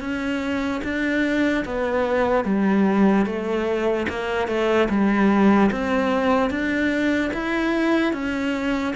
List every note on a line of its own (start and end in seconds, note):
0.00 0.81 C#4
0.83 1.64 D4
1.65 2.45 B3
2.45 3.25 G3
3.25 4.07 A3
4.09 4.48 A#3
4.48 4.88 A3
4.89 5.70 G3
5.71 6.50 C4
6.50 7.31 D4
7.33 8.13 E4
8.13 8.94 C#4